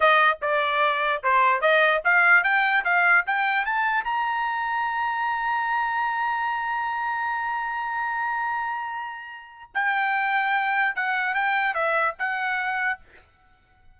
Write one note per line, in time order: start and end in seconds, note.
0.00 0.38 D#5
0.41 1.23 D5
1.23 1.61 C5
1.61 2.01 D#5
2.04 2.43 F5
2.43 2.84 G5
2.84 3.25 F5
3.26 3.65 G5
3.65 4.03 A5
4.03 9.71 A#5
9.74 10.95 G5
10.95 11.34 F#5
11.34 11.74 G5
11.74 12.15 E5
12.18 13.00 F#5